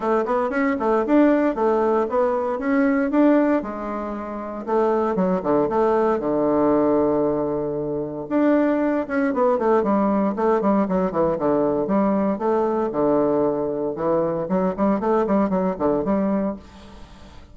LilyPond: \new Staff \with { instrumentName = "bassoon" } { \time 4/4 \tempo 4 = 116 a8 b8 cis'8 a8 d'4 a4 | b4 cis'4 d'4 gis4~ | gis4 a4 fis8 d8 a4 | d1 |
d'4. cis'8 b8 a8 g4 | a8 g8 fis8 e8 d4 g4 | a4 d2 e4 | fis8 g8 a8 g8 fis8 d8 g4 | }